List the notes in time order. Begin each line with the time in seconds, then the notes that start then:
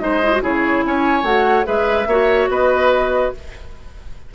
0.00 G#3 D#4 C5 D#5
0.23 E4
0.33 F#4
0.42 C#3 E4 G#4 C#5
0.84 C#4 C#5 G#5
1.22 A3 F#4 F#5
1.64 G#3 G#4 B4 E5
2.06 A#3 F#4 C#5
2.49 B3 B4 D#5